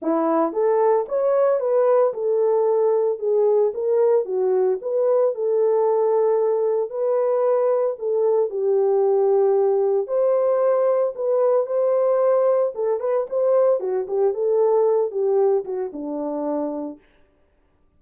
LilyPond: \new Staff \with { instrumentName = "horn" } { \time 4/4 \tempo 4 = 113 e'4 a'4 cis''4 b'4 | a'2 gis'4 ais'4 | fis'4 b'4 a'2~ | a'4 b'2 a'4 |
g'2. c''4~ | c''4 b'4 c''2 | a'8 b'8 c''4 fis'8 g'8 a'4~ | a'8 g'4 fis'8 d'2 | }